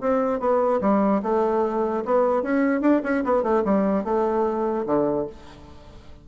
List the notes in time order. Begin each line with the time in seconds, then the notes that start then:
0.00 C4
0.39 B3
0.81 G3
1.22 A3
2.05 B3
2.42 C#4
2.81 D4
3.03 C#4
3.24 B3
3.43 A3
3.64 G3
4.04 A3
4.86 D3